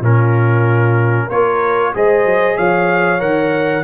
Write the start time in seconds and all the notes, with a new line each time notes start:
0.00 A#2 C#4 F4 A#4
1.27 A#3 F4 A#4 C#5
1.94 G#3 G#4 C5 D#5
2.25 F#3
2.57 F3 C#5 F5
3.19 D#3 A#4 F#5